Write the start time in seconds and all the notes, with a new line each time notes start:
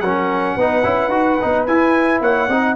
0.00 F#3 C#4 A#4 F#5
0.56 B3 D#4 B4
0.83 C#4 E4
1.08 D#4 F#4
1.41 B3 D#4
1.66 E4 G#5
2.20 A#3 C#5 F#5
2.48 C4 D#4 D#5